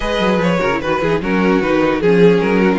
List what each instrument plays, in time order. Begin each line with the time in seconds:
0.00 cello G#3, viola G#4, violin B4 D#5
0.20 cello F#3
0.38 cello F3, violin C#5
0.59 cello C#3, viola F#4, violin A#4
0.73 viola E4
0.80 cello D#3, viola F#4, violin B4
1.01 cello E3, viola E4, violin G#4
1.08 viola D#4
1.20 cello F#3, viola C#4, violin F#4 A#4
1.61 cello D#3, viola D#4, violin B4
2.01 cello F3, viola C#4, violin G#4
2.40 cello F#3, violin A#4
2.61 violin F#4
2.73 violin F4